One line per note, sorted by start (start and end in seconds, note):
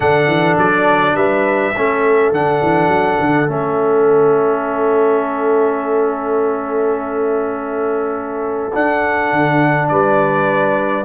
0.00 0.27 D3
0.00 1.74 D4
0.00 1.16 A4
0.00 0.57 F#5
0.27 0.56 E3
0.57 1.14 F#3
0.57 1.16 D5
1.14 1.72 G3
1.14 1.74 B4
1.14 2.32 E5
1.74 2.31 A3
1.74 2.33 C#4
1.74 9.90 A4
2.31 2.61 D3
2.31 3.47 D4
2.31 3.50 F#5
2.62 2.87 E3
2.87 3.16 F#3
3.20 3.47 D3
3.47 8.72 A3
3.47 8.71 C#4
3.47 8.74 E5
8.73 11.05 D4
8.73 9.32 D4
8.73 9.88 F#5
9.32 9.90 D3
9.88 11.05 G3
9.88 11.05 B4
9.88 11.04 D5